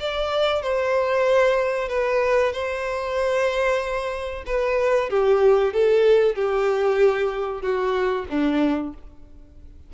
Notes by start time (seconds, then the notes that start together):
0.00 D5
0.62 C5
1.89 B4
2.53 C5
4.47 B4
5.10 G4
5.74 A4
6.36 G4
7.62 F#4
8.30 D4